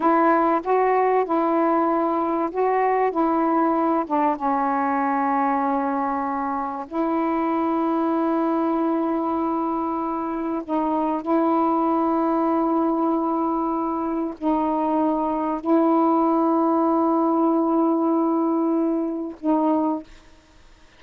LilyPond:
\new Staff \with { instrumentName = "saxophone" } { \time 4/4 \tempo 4 = 96 e'4 fis'4 e'2 | fis'4 e'4. d'8 cis'4~ | cis'2. e'4~ | e'1~ |
e'4 dis'4 e'2~ | e'2. dis'4~ | dis'4 e'2.~ | e'2. dis'4 | }